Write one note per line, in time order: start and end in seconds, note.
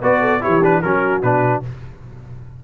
0.00 0.42 B3
0.00 0.41 F#4
0.00 0.20 B4
0.00 0.43 D5
0.20 0.40 A4
0.41 0.61 E4
0.41 0.82 G4
0.41 0.63 C#5
0.47 0.84 E3
0.63 0.83 D4
0.63 0.82 B4
0.82 1.23 F#3
0.82 1.23 C#4
0.82 1.64 F#4
0.82 1.22 A#4
1.22 1.63 B2
1.22 1.63 D4
1.22 1.62 B4